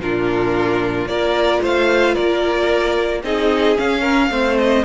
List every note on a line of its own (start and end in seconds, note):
0.00 1.06 A#2
0.00 1.08 D4
0.00 1.09 F4
0.00 1.08 A#4
1.06 1.60 A#3
1.06 3.23 F4
1.06 1.62 A#4
1.06 1.61 D5
1.62 2.15 A3
1.62 2.14 C5
1.62 2.15 F5
2.14 3.23 A#3
2.14 3.21 A#4
2.14 3.22 D5
3.23 3.77 C4
3.23 3.76 D#4
3.23 4.01 G#4
3.23 3.77 D#5
3.76 4.30 C#4
3.76 4.58 F5
4.01 4.28 A#4
4.30 4.83 A3
4.30 4.84 C4
4.30 4.84 C5
4.58 4.84 D#5